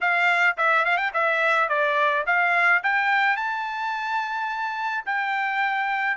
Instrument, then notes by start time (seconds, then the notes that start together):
trumpet
0.01 F5
0.57 E5
0.85 F5
0.97 G5
1.13 E5
1.68 D5
2.26 F5
2.83 G5
3.36 A5
5.05 G5